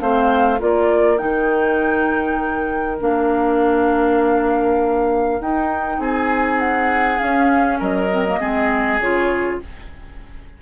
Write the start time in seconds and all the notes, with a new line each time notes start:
0.00 A3 C4 C5 F5
0.59 A#3 F4 A#4 D5
1.18 D#3 D#4 G5
3.00 A#3 D4 F5
5.39 D#4 G5
5.99 C4 G#4 G#5
6.59 F#5
7.18 C#4 F5
7.79 F#3 A#4 D#5
8.10 C4
8.27 A#3
8.40 G#3 C4 G#4
8.99 C#3 F4 C#5